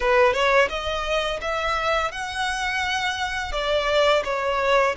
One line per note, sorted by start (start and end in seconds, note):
0.00 0.33 B4
0.33 0.68 C#5
0.69 1.40 D#5
1.41 2.11 E5
2.11 3.52 F#5
3.52 4.22 D5
4.24 4.95 C#5